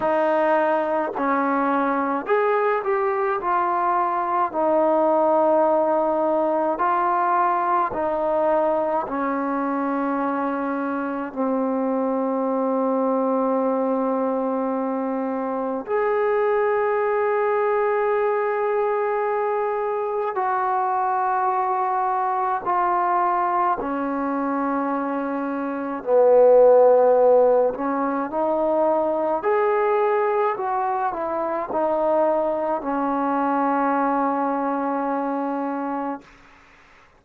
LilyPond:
\new Staff \with { instrumentName = "trombone" } { \time 4/4 \tempo 4 = 53 dis'4 cis'4 gis'8 g'8 f'4 | dis'2 f'4 dis'4 | cis'2 c'2~ | c'2 gis'2~ |
gis'2 fis'2 | f'4 cis'2 b4~ | b8 cis'8 dis'4 gis'4 fis'8 e'8 | dis'4 cis'2. | }